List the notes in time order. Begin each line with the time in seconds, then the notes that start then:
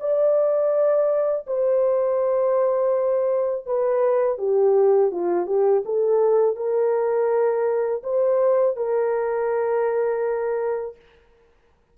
0.00 D5
1.47 C5
3.66 B4
4.38 G4
5.11 F4
5.46 G4
5.85 A4
6.56 A#4
8.03 C5
8.76 A#4